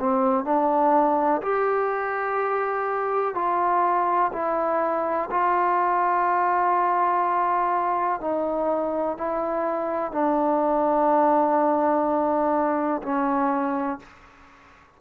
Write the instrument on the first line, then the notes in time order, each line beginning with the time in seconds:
trombone
0.00 C4
0.45 D4
1.43 G4
3.35 F4
4.33 E4
5.31 F4
8.21 D#4
9.18 E4
10.12 D4
13.03 C#4